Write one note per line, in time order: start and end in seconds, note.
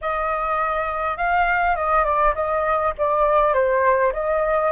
0.01 1.17 D#5
1.17 1.76 F5
1.76 2.04 D#5
2.04 2.34 D5
2.34 2.93 D#5
2.98 3.53 D5
3.53 4.12 C5
4.12 4.71 D#5